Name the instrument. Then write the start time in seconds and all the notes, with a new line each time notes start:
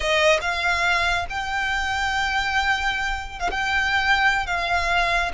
violin
0.00 D#5
0.41 F5
1.29 G5
3.39 F5
3.50 G5
4.46 F5